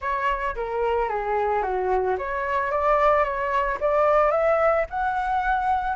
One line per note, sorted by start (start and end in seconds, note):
0.01 0.55 C#5
0.55 1.08 A#4
1.08 1.62 G#4
1.62 2.16 F#4
2.18 2.71 C#5
2.71 3.24 D5
3.24 3.78 C#5
3.80 4.31 D5
4.31 4.85 E5
4.89 5.96 F#5